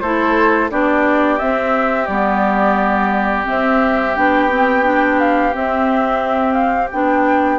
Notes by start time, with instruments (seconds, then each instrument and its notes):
0.00 bassoon A3, clarinet E4, oboe A4, flute C5
0.70 bassoon B3, clarinet D4, oboe G4, flute D5
1.38 clarinet C4, bassoon C4, flute E5
2.06 bassoon G3, clarinet B3, flute D5
3.44 clarinet C4, bassoon C4, flute E5
4.15 bassoon B3, clarinet D4, flute G5
4.49 clarinet C4
4.83 clarinet D4
5.19 flute F5
5.53 clarinet C4, bassoon C4, flute E5
6.53 flute F5
6.91 bassoon B3, clarinet D4, flute G5